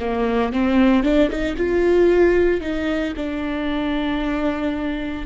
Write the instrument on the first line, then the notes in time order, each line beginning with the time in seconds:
viola
0.00 A#3
0.53 C4
1.03 D4
1.30 D#4
1.57 F4
2.61 D#4
3.17 D4